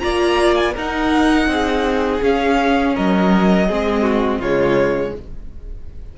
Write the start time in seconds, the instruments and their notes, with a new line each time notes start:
0.00 cello A#3, viola F4, violin D5 A#5
0.55 violin G#5
0.74 cello D#4, viola D#4, violin A#4 F#5
1.47 cello C4, violin G#4
2.22 cello C#4, viola C#4, violin F5
2.95 cello F#3, violin A#4 D#5
3.68 cello G#3, viola C4, violin G#4
4.02 violin F#4
4.39 cello C#3, viola G#3, violin F4 C#5